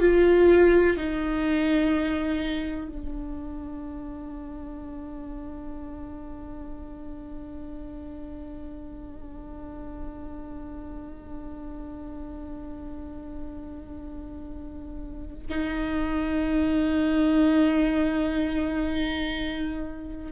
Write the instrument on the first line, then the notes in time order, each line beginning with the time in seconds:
viola
0.00 F4
0.97 D#4
2.88 D4
15.49 D#4